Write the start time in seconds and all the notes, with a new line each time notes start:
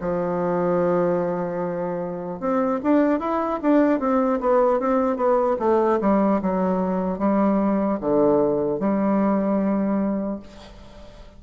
0.00 F3
2.40 C4
2.83 D4
3.19 E4
3.62 D4
3.99 C4
4.40 B3
4.79 C4
5.16 B3
5.59 A3
6.00 G3
6.41 F#3
7.18 G3
8.00 D3
8.79 G3